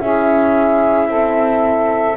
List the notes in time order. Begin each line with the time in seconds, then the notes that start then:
0.00 C#4 E4 G#4 E5
1.08 C4 A4